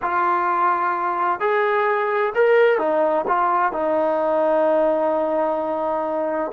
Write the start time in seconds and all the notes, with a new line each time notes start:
0.02 F4
1.40 G#4
2.34 A#4
2.78 D#4
3.27 F4
3.72 D#4